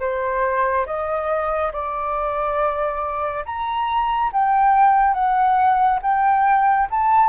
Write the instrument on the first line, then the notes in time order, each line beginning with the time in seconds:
flute
0.00 C5
0.86 D#5
1.72 D5
3.45 A#5
4.32 G5
5.14 F#5
6.02 G5
6.90 A5